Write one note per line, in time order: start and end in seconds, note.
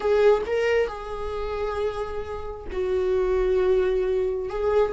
0.00 0.42 G#4
0.46 0.87 A#4
0.87 2.66 G#4
2.72 4.49 F#4
4.49 4.93 G#4